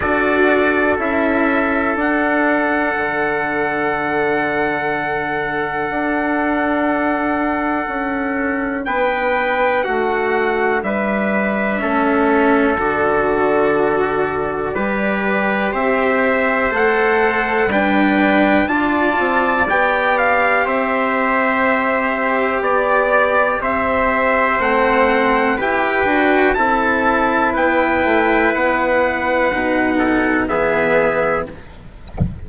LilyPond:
<<
  \new Staff \with { instrumentName = "trumpet" } { \time 4/4 \tempo 4 = 61 d''4 e''4 fis''2~ | fis''1~ | fis''4 g''4 fis''4 e''4~ | e''4 d''2. |
e''4 fis''4 g''4 a''4 | g''8 f''8 e''2 d''4 | e''4 fis''4 g''4 a''4 | g''4 fis''2 e''4 | }
  \new Staff \with { instrumentName = "trumpet" } { \time 4/4 a'1~ | a'1~ | a'4 b'4 fis'4 b'4 | a'2. b'4 |
c''2 b'4 d''4~ | d''4 c''2 d''4 | c''2 b'4 a'4 | b'2~ b'8 a'8 gis'4 | }
  \new Staff \with { instrumentName = "cello" } { \time 4/4 fis'4 e'4 d'2~ | d'1~ | d'1 | cis'4 fis'2 g'4~ |
g'4 a'4 d'4 f'4 | g'1~ | g'4 c'4 g'8 fis'8 e'4~ | e'2 dis'4 b4 | }
  \new Staff \with { instrumentName = "bassoon" } { \time 4/4 d'4 cis'4 d'4 d4~ | d2 d'2 | cis'4 b4 a4 g4 | a4 d2 g4 |
c'4 a4 g4 d'8 c'8 | b4 c'2 b4 | c'4 a4 e'8 d'8 c'4 | b8 a8 b4 b,4 e4 | }
>>